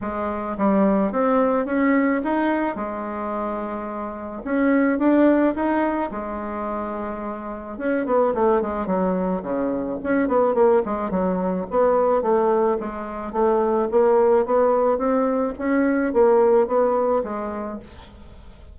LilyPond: \new Staff \with { instrumentName = "bassoon" } { \time 4/4 \tempo 4 = 108 gis4 g4 c'4 cis'4 | dis'4 gis2. | cis'4 d'4 dis'4 gis4~ | gis2 cis'8 b8 a8 gis8 |
fis4 cis4 cis'8 b8 ais8 gis8 | fis4 b4 a4 gis4 | a4 ais4 b4 c'4 | cis'4 ais4 b4 gis4 | }